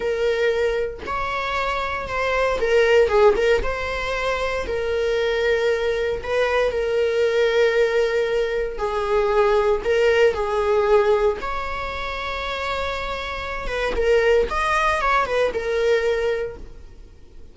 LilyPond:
\new Staff \with { instrumentName = "viola" } { \time 4/4 \tempo 4 = 116 ais'2 cis''2 | c''4 ais'4 gis'8 ais'8 c''4~ | c''4 ais'2. | b'4 ais'2.~ |
ais'4 gis'2 ais'4 | gis'2 cis''2~ | cis''2~ cis''8 b'8 ais'4 | dis''4 cis''8 b'8 ais'2 | }